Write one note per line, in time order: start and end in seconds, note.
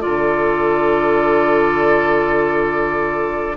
0.00 3.57 D3
0.00 3.56 F4
0.00 3.57 A4
0.00 3.57 D5